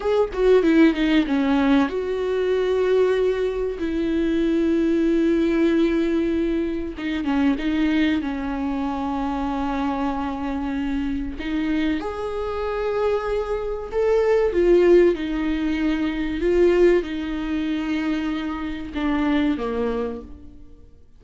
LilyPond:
\new Staff \with { instrumentName = "viola" } { \time 4/4 \tempo 4 = 95 gis'8 fis'8 e'8 dis'8 cis'4 fis'4~ | fis'2 e'2~ | e'2. dis'8 cis'8 | dis'4 cis'2.~ |
cis'2 dis'4 gis'4~ | gis'2 a'4 f'4 | dis'2 f'4 dis'4~ | dis'2 d'4 ais4 | }